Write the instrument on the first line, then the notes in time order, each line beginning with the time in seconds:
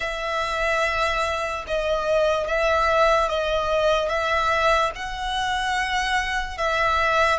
violin
0.00 E5
1.67 D#5
2.47 E5
3.29 D#5
4.09 E5
4.95 F#5
6.57 E5